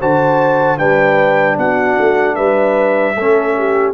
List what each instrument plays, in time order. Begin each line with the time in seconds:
0.00 tuba D3, trombone F#4, horn C5, trumpet A5
0.78 tuba G3, trombone D4, horn B4, trumpet G5
1.57 tuba B3, horn F#4, trumpet F#5
1.99 tuba A3
2.35 tuba G3, horn B4, trumpet E5
3.16 tuba A3, trombone C#4, horn A4
3.58 horn G4